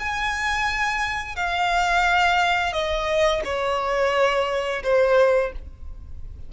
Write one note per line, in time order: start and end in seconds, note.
0.00 1.36 G#5
1.36 2.73 F5
2.73 3.42 D#5
3.45 4.83 C#5
4.83 5.52 C5